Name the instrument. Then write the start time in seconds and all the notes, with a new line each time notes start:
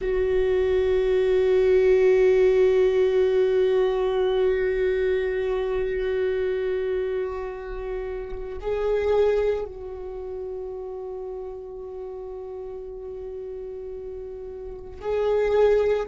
viola
0.01 F#4
8.61 G#4
9.64 F#4
15.00 G#4